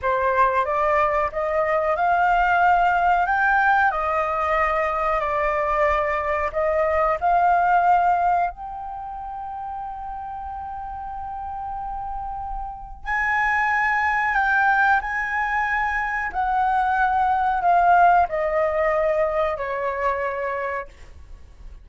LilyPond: \new Staff \with { instrumentName = "flute" } { \time 4/4 \tempo 4 = 92 c''4 d''4 dis''4 f''4~ | f''4 g''4 dis''2 | d''2 dis''4 f''4~ | f''4 g''2.~ |
g''1 | gis''2 g''4 gis''4~ | gis''4 fis''2 f''4 | dis''2 cis''2 | }